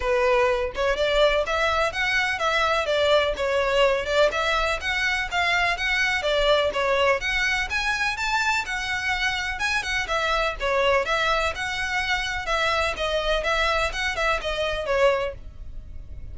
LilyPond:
\new Staff \with { instrumentName = "violin" } { \time 4/4 \tempo 4 = 125 b'4. cis''8 d''4 e''4 | fis''4 e''4 d''4 cis''4~ | cis''8 d''8 e''4 fis''4 f''4 | fis''4 d''4 cis''4 fis''4 |
gis''4 a''4 fis''2 | gis''8 fis''8 e''4 cis''4 e''4 | fis''2 e''4 dis''4 | e''4 fis''8 e''8 dis''4 cis''4 | }